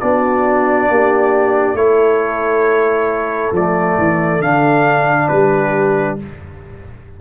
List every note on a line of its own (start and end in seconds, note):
0.00 0.89 B3
0.00 1.76 D4
0.00 0.90 F#4
0.00 1.76 D5
0.89 1.74 A#3
0.89 1.78 G4
1.74 3.50 A3
1.74 3.53 E4
1.74 5.32 A4
1.74 3.53 C#5
3.52 3.96 F3
3.52 4.42 D5
3.58 4.43 A3
3.98 4.40 E3
4.40 5.28 D3
4.40 6.19 D4
4.40 5.28 F5
5.28 6.19 G3
5.28 6.21 G4
5.28 6.17 B4